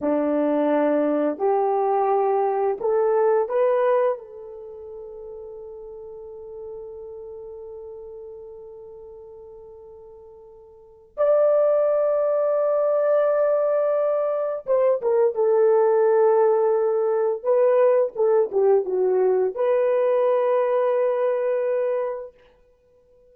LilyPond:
\new Staff \with { instrumentName = "horn" } { \time 4/4 \tempo 4 = 86 d'2 g'2 | a'4 b'4 a'2~ | a'1~ | a'1 |
d''1~ | d''4 c''8 ais'8 a'2~ | a'4 b'4 a'8 g'8 fis'4 | b'1 | }